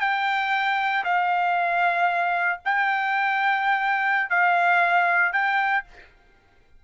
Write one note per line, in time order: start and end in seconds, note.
0.00 1.03 G5
1.04 2.59 F5
2.65 4.30 G5
4.30 5.33 F5
5.33 5.84 G5